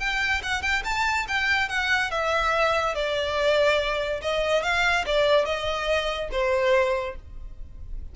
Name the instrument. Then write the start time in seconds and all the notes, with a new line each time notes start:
violin
0.00 G5
0.43 F#5
0.62 G5
0.85 A5
1.29 G5
1.69 F#5
2.12 E5
2.95 D5
4.22 D#5
4.63 F5
5.07 D5
5.46 D#5
6.32 C5